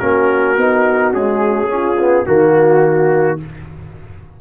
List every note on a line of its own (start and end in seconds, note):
0.00 0.58 A#3
0.00 0.57 C#4
0.00 1.70 F#4
0.00 1.13 A#4
0.58 1.13 B3
0.58 1.14 D#4
1.13 1.69 G#3
1.13 2.26 C#4
1.13 2.27 G#4
1.69 1.97 C#4
1.69 2.26 F4
1.99 2.25 B3
2.25 3.41 D#3
2.25 3.38 A#3
2.25 3.39 F#4
2.25 3.40 F#4